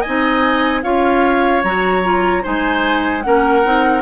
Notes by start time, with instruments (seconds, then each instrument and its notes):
0.00 clarinet D#4, oboe D#5, flute G#5
0.07 bassoon C4
0.82 bassoon C#4, clarinet F4, oboe C#5, flute F5
1.63 bassoon F#3, clarinet F#4, flute A#5
2.02 clarinet F4
2.42 bassoon G#3, clarinet D#4, oboe C5, flute G#5
3.21 bassoon A#3, clarinet C#4, oboe A#4, flute F#5
3.64 bassoon C4, clarinet D#4